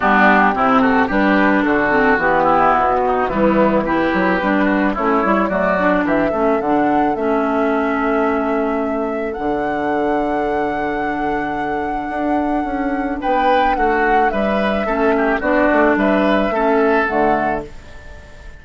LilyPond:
<<
  \new Staff \with { instrumentName = "flute" } { \time 4/4 \tempo 4 = 109 g'4. a'8 b'4 a'4 | g'4 fis'4 e'4 b'4~ | b'4 cis''4 d''4 e''4 | fis''4 e''2.~ |
e''4 fis''2.~ | fis''1 | g''4 fis''4 e''2 | d''4 e''2 fis''4 | }
  \new Staff \with { instrumentName = "oboe" } { \time 4/4 d'4 e'8 fis'8 g'4 fis'4~ | fis'8 e'4 dis'8 b4 g'4~ | g'8 fis'8 e'4 fis'4 g'8 a'8~ | a'1~ |
a'1~ | a'1 | b'4 fis'4 b'4 a'8 g'8 | fis'4 b'4 a'2 | }
  \new Staff \with { instrumentName = "clarinet" } { \time 4/4 b4 c'4 d'4. c'8 | b2 g4 e'4 | d'4 cis'8 e'8 a8 d'4 cis'8 | d'4 cis'2.~ |
cis'4 d'2.~ | d'1~ | d'2. cis'4 | d'2 cis'4 a4 | }
  \new Staff \with { instrumentName = "bassoon" } { \time 4/4 g4 c4 g4 d4 | e4 b,4 e4. fis8 | g4 a8 g8 fis4 e8 a8 | d4 a2.~ |
a4 d2.~ | d2 d'4 cis'4 | b4 a4 g4 a4 | b8 a8 g4 a4 d4 | }
>>